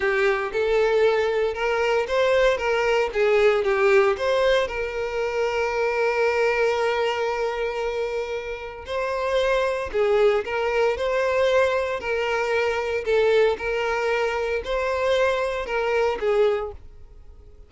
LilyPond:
\new Staff \with { instrumentName = "violin" } { \time 4/4 \tempo 4 = 115 g'4 a'2 ais'4 | c''4 ais'4 gis'4 g'4 | c''4 ais'2.~ | ais'1~ |
ais'4 c''2 gis'4 | ais'4 c''2 ais'4~ | ais'4 a'4 ais'2 | c''2 ais'4 gis'4 | }